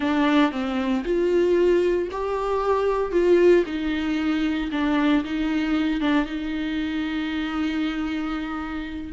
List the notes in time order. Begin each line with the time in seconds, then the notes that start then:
0.00 D4
0.51 C4
1.04 F4
2.11 G4
3.12 F4
3.65 D#4
4.71 D4
5.24 D#4
6.00 D4
6.25 D#4